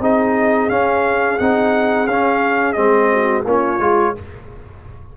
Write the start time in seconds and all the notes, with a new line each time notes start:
0.00 C4 D#4 G#4 D#5
0.70 C#4 F5
1.39 C4 D#4 F#5
2.08 C#4 F5
2.73 G#3 C4 D#5
3.12 F#4
3.45 A#3 C#4 F4 C#5
3.80 G#3 F4